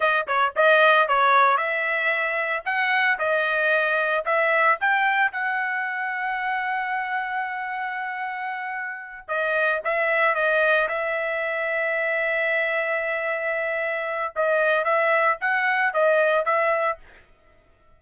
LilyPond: \new Staff \with { instrumentName = "trumpet" } { \time 4/4 \tempo 4 = 113 dis''8 cis''8 dis''4 cis''4 e''4~ | e''4 fis''4 dis''2 | e''4 g''4 fis''2~ | fis''1~ |
fis''4. dis''4 e''4 dis''8~ | dis''8 e''2.~ e''8~ | e''2. dis''4 | e''4 fis''4 dis''4 e''4 | }